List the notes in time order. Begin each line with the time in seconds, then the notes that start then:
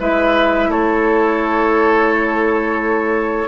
0.00 G#3 E4 B4 E5
0.69 A3 A4 C#5